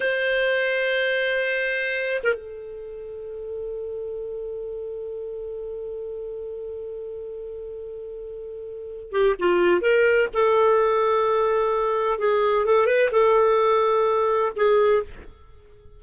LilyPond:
\new Staff \with { instrumentName = "clarinet" } { \time 4/4 \tempo 4 = 128 c''1~ | c''8. ais'16 a'2.~ | a'1~ | a'1~ |
a'2.~ a'8 g'8 | f'4 ais'4 a'2~ | a'2 gis'4 a'8 b'8 | a'2. gis'4 | }